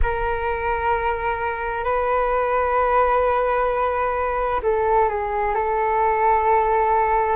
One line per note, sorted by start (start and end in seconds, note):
0.02 1.84 A#4
1.84 4.61 B4
4.62 5.09 A4
5.09 5.54 G#4
5.54 7.36 A4